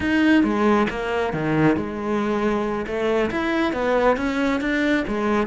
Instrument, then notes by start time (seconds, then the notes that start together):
cello
0.00 D#4
0.43 G#3
0.90 A#3
1.33 D#3
1.76 G#3
2.86 A3
3.30 E4
3.72 B3
4.16 C#4
4.60 D4
5.07 G#3